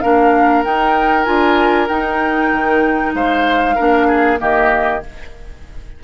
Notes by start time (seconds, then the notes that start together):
0.00 A#3 D4 A#4 F5
0.64 D#4 G5
1.24 D4 F4 G#5
1.88 D#4 G5
2.52 D#3
3.13 G#3 C5 F5
3.75 A#3 D4 A#4
4.08 G#4
4.38 D#3 A#3 G4 D#5